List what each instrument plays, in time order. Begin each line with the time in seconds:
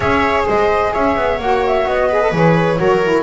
0.00 double bass C#4, saxophone G#4, viola C#5, flute E5
0.46 double bass G#3, viola C5, flute D#5
0.93 double bass C#4, viola C#5, flute E5
1.16 double bass B3
1.39 double bass A#3, saxophone F#4, flute F#5
1.66 flute E5
1.86 double bass B3, flute D#5
2.09 saxophone G#4, viola B4
2.22 saxophone A4
2.31 double bass E3, saxophone G#4, flute C#5
2.76 double bass F#3, saxophone F#4, viola A#4
3.02 saxophone E4